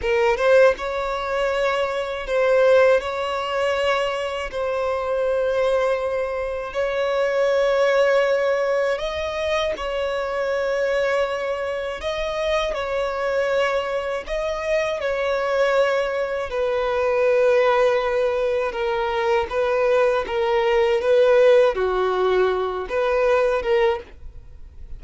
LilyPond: \new Staff \with { instrumentName = "violin" } { \time 4/4 \tempo 4 = 80 ais'8 c''8 cis''2 c''4 | cis''2 c''2~ | c''4 cis''2. | dis''4 cis''2. |
dis''4 cis''2 dis''4 | cis''2 b'2~ | b'4 ais'4 b'4 ais'4 | b'4 fis'4. b'4 ais'8 | }